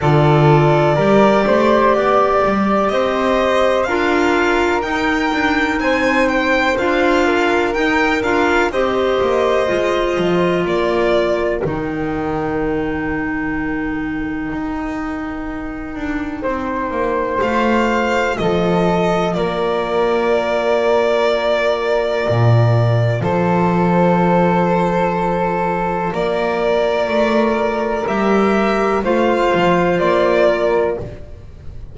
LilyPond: <<
  \new Staff \with { instrumentName = "violin" } { \time 4/4 \tempo 4 = 62 d''2. dis''4 | f''4 g''4 gis''8 g''8 f''4 | g''8 f''8 dis''2 d''4 | g''1~ |
g''2 f''4 dis''4 | d''1 | c''2. d''4~ | d''4 e''4 f''4 d''4 | }
  \new Staff \with { instrumentName = "flute" } { \time 4/4 a'4 ais'8 c''8 d''4 c''4 | ais'2 c''4. ais'8~ | ais'4 c''2 ais'4~ | ais'1~ |
ais'4 c''2 a'4 | ais'1 | a'2. ais'4~ | ais'2 c''4. ais'8 | }
  \new Staff \with { instrumentName = "clarinet" } { \time 4/4 f'4 g'2. | f'4 dis'2 f'4 | dis'8 f'8 g'4 f'2 | dis'1~ |
dis'2 f'2~ | f'1~ | f'1~ | f'4 g'4 f'2 | }
  \new Staff \with { instrumentName = "double bass" } { \time 4/4 d4 g8 a8 b8 g8 c'4 | d'4 dis'8 d'8 c'4 d'4 | dis'8 d'8 c'8 ais8 gis8 f8 ais4 | dis2. dis'4~ |
dis'8 d'8 c'8 ais8 a4 f4 | ais2. ais,4 | f2. ais4 | a4 g4 a8 f8 ais4 | }
>>